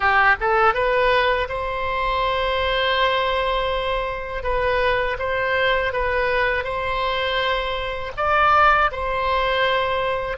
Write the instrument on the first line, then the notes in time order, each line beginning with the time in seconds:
oboe
0.00 G4
0.40 A4
0.74 B4
1.48 C5
4.43 B4
5.19 C5
5.93 B4
6.64 C5
8.16 D5
8.91 C5